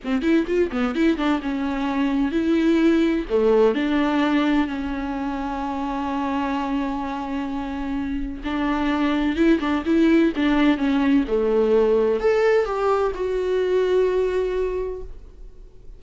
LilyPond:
\new Staff \with { instrumentName = "viola" } { \time 4/4 \tempo 4 = 128 c'8 e'8 f'8 b8 e'8 d'8 cis'4~ | cis'4 e'2 a4 | d'2 cis'2~ | cis'1~ |
cis'2 d'2 | e'8 d'8 e'4 d'4 cis'4 | a2 a'4 g'4 | fis'1 | }